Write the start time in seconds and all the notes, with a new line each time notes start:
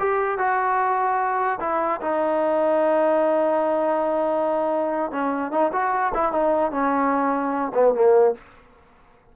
0.00 G4
0.39 F#4
1.61 E4
2.02 D#4
5.12 C#4
5.52 D#4
5.73 F#4
6.15 E4
6.33 D#4
6.72 C#4
7.75 B3
7.95 A#3